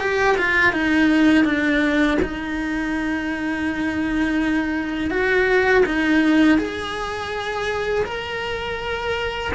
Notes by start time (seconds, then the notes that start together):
0.00 G4
0.37 F4
0.73 D#4
1.45 D4
2.22 D#4
5.11 F#4
5.86 D#4
6.58 G#4
8.05 A#4